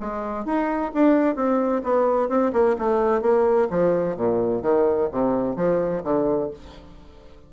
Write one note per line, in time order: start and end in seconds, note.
0.00 0.45 G#3
0.45 0.92 D#4
0.94 1.36 D4
1.36 1.82 C4
1.84 2.29 B3
2.29 2.52 C4
2.53 2.76 A#3
2.79 3.22 A3
3.22 3.68 A#3
3.70 4.16 F3
4.16 4.62 A#2
4.62 5.09 D#3
5.12 5.56 C3
5.56 6.03 F3
6.04 6.50 D3